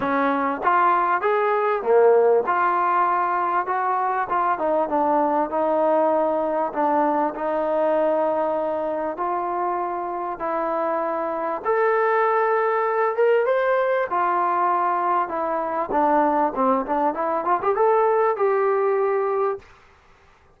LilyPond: \new Staff \with { instrumentName = "trombone" } { \time 4/4 \tempo 4 = 98 cis'4 f'4 gis'4 ais4 | f'2 fis'4 f'8 dis'8 | d'4 dis'2 d'4 | dis'2. f'4~ |
f'4 e'2 a'4~ | a'4. ais'8 c''4 f'4~ | f'4 e'4 d'4 c'8 d'8 | e'8 f'16 g'16 a'4 g'2 | }